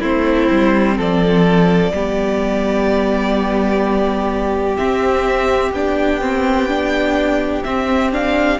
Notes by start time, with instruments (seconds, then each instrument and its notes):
0.00 cello A3, viola C4, violin E4 C5
0.51 cello G3
0.97 cello F3, violin A4 D5
1.91 cello G3, viola B3, violin G4
4.76 viola C4, cello C4, violin E5
5.72 cello B3, viola D4, violin G5
6.21 viola C4
6.68 viola D4
7.63 viola C4, cello C4, violin E5
8.12 viola D4, violin F5